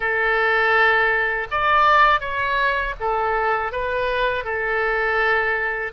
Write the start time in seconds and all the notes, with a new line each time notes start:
0.00 A4
1.50 D5
2.20 C#5
3.00 A4
3.71 B4
4.44 A4